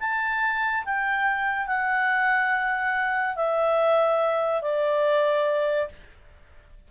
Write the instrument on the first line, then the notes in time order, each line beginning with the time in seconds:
clarinet
0.00 A5
0.85 G5
1.67 F#5
3.36 E5
4.62 D5